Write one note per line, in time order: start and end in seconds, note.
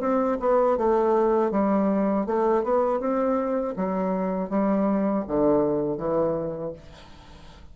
0.00 0.38 C4
0.40 0.77 B3
0.77 1.51 A3
1.51 2.26 G3
2.26 2.63 A3
2.63 2.99 B3
2.99 3.74 C4
3.76 4.49 F#3
4.49 5.24 G3
5.27 5.97 D3
5.97 6.72 E3